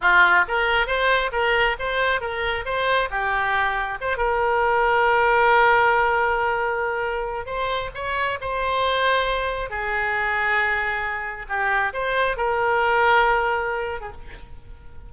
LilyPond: \new Staff \with { instrumentName = "oboe" } { \time 4/4 \tempo 4 = 136 f'4 ais'4 c''4 ais'4 | c''4 ais'4 c''4 g'4~ | g'4 c''8 ais'2~ ais'8~ | ais'1~ |
ais'4 c''4 cis''4 c''4~ | c''2 gis'2~ | gis'2 g'4 c''4 | ais'2.~ ais'8. gis'16 | }